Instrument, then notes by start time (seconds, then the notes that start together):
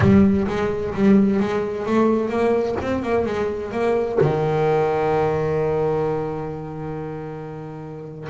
double bass
0.00 G3
0.47 G#3
0.94 G3
1.40 G#3
1.86 A3
2.29 A#3
2.81 C4
3.02 A#3
3.25 G#3
3.71 A#3
4.21 D#3